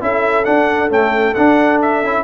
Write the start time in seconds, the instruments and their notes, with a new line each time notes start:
0.00 tuba C#4, trombone E4, horn A4, trumpet E5
0.44 trombone D4, tuba D4, trumpet F#5
0.89 trombone A3, tuba C#4, trumpet G5
1.34 tuba D4, trombone D4, trumpet F#5
1.82 trumpet E5
2.03 tuba C#4, trombone E4